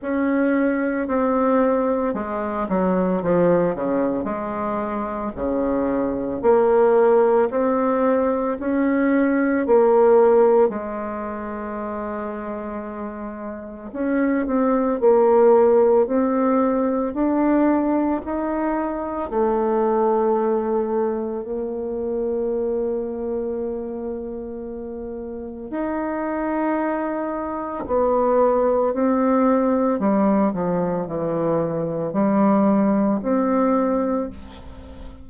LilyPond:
\new Staff \with { instrumentName = "bassoon" } { \time 4/4 \tempo 4 = 56 cis'4 c'4 gis8 fis8 f8 cis8 | gis4 cis4 ais4 c'4 | cis'4 ais4 gis2~ | gis4 cis'8 c'8 ais4 c'4 |
d'4 dis'4 a2 | ais1 | dis'2 b4 c'4 | g8 f8 e4 g4 c'4 | }